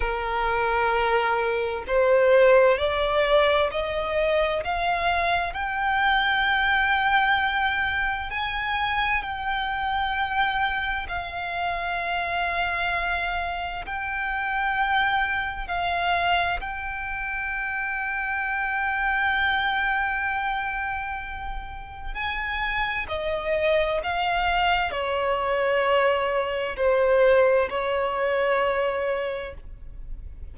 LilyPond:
\new Staff \with { instrumentName = "violin" } { \time 4/4 \tempo 4 = 65 ais'2 c''4 d''4 | dis''4 f''4 g''2~ | g''4 gis''4 g''2 | f''2. g''4~ |
g''4 f''4 g''2~ | g''1 | gis''4 dis''4 f''4 cis''4~ | cis''4 c''4 cis''2 | }